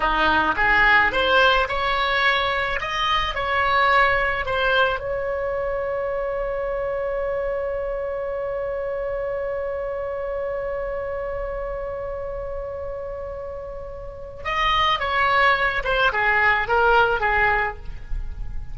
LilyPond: \new Staff \with { instrumentName = "oboe" } { \time 4/4 \tempo 4 = 108 dis'4 gis'4 c''4 cis''4~ | cis''4 dis''4 cis''2 | c''4 cis''2.~ | cis''1~ |
cis''1~ | cis''1~ | cis''2 dis''4 cis''4~ | cis''8 c''8 gis'4 ais'4 gis'4 | }